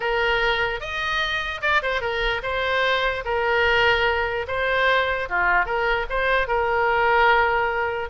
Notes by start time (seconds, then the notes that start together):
0.00 A#4
0.80 D#5
1.61 D5
1.82 C5
2.01 A#4
2.43 C5
3.24 A#4
4.47 C5
5.29 F4
5.65 A#4
6.09 C5
6.47 A#4